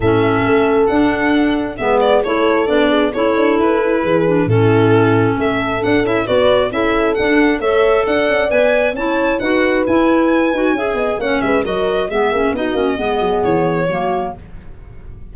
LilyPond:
<<
  \new Staff \with { instrumentName = "violin" } { \time 4/4 \tempo 4 = 134 e''2 fis''2 | e''8 d''8 cis''4 d''4 cis''4 | b'2 a'2 | e''4 fis''8 e''8 d''4 e''4 |
fis''4 e''4 fis''4 gis''4 | a''4 fis''4 gis''2~ | gis''4 fis''8 e''8 dis''4 e''4 | dis''2 cis''2 | }
  \new Staff \with { instrumentName = "horn" } { \time 4/4 a'1 | b'4 a'4. gis'8 a'4~ | a'4 gis'4 e'2 | a'2 b'4 a'4~ |
a'4 cis''4 d''2 | cis''4 b'2. | e''8 dis''8 cis''8 b'8 ais'4 gis'4 | fis'4 gis'2 fis'4 | }
  \new Staff \with { instrumentName = "clarinet" } { \time 4/4 cis'2 d'2 | b4 e'4 d'4 e'4~ | e'4. d'8 cis'2~ | cis'4 d'8 e'8 fis'4 e'4 |
d'4 a'2 b'4 | e'4 fis'4 e'4. fis'8 | gis'4 cis'4 fis'4 b8 cis'8 | dis'8 cis'8 b2 ais4 | }
  \new Staff \with { instrumentName = "tuba" } { \time 4/4 a,4 a4 d'2 | gis4 a4 b4 cis'8 d'8 | e'4 e4 a,2 | a4 d'8 cis'8 b4 cis'4 |
d'4 a4 d'8 cis'8 b4 | cis'4 dis'4 e'4. dis'8 | cis'8 b8 ais8 gis8 fis4 gis8 ais8 | b8 ais8 gis8 fis8 e4 fis4 | }
>>